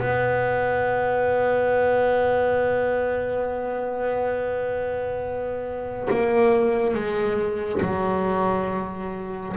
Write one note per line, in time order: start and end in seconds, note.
0.00 6.09 B3
6.10 6.94 A#3
6.94 7.81 G#3
7.82 9.56 F#3